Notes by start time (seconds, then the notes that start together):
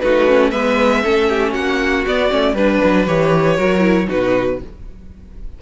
0.00 A3 D#4 F#4 B4
0.28 C#4
0.51 G#3 B3 B4 E5
1.04 A3 C#4 A4
1.29 G4
1.52 A#3 F#4 F#5
2.07 B3 D5
2.29 A3 C#4
2.54 G3 D4 B4
2.84 F#3
3.07 E3 G4 C#5
3.56 F#3 F#4 A#4
3.80 E4
4.08 B2 D#4 F#4 B4